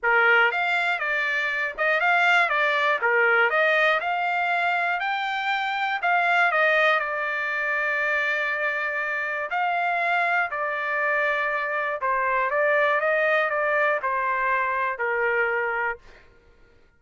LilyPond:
\new Staff \with { instrumentName = "trumpet" } { \time 4/4 \tempo 4 = 120 ais'4 f''4 d''4. dis''8 | f''4 d''4 ais'4 dis''4 | f''2 g''2 | f''4 dis''4 d''2~ |
d''2. f''4~ | f''4 d''2. | c''4 d''4 dis''4 d''4 | c''2 ais'2 | }